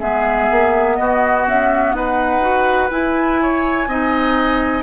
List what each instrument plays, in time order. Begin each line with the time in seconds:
0.00 bassoon G#3, clarinet B3, oboe G#4, flute E5
0.51 bassoon A#3
0.96 bassoon B3, oboe F#4, flute D#5
1.47 bassoon C#4, flute E5
1.93 bassoon D#4, oboe B4, flute F#5
2.42 clarinet F#4
2.91 clarinet E4, bassoon E4, flute G#5
3.42 oboe C#5
3.87 bassoon C4, clarinet D#4, oboe D#5